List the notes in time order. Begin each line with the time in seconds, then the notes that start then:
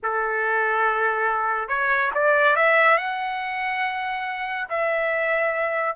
0.02 A4
1.68 C#5
2.14 D5
2.56 E5
2.97 F#5
4.69 E5